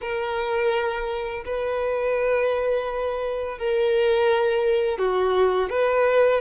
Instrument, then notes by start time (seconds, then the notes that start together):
violin
0.01 A#4
1.44 B4
3.58 A#4
4.98 F#4
5.69 B4